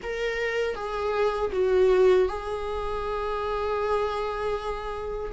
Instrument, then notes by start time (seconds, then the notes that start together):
viola
0.02 A#4
0.75 G#4
1.52 F#4
2.28 G#4